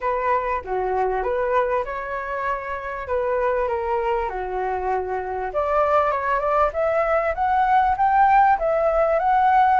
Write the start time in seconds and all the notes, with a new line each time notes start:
0.01 B4
0.64 F#4
1.23 B4
1.85 C#5
3.07 B4
3.68 A#4
4.29 F#4
5.53 D5
6.11 C#5
6.39 D5
6.73 E5
7.34 F#5
7.97 G5
8.59 E5
9.19 F#5